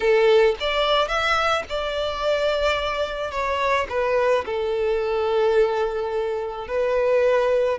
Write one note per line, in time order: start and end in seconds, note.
0.00 0.55 A4
0.60 1.07 D5
1.07 1.63 E5
1.69 3.31 D5
3.31 3.86 C#5
3.89 4.44 B4
4.45 6.67 A4
6.67 7.78 B4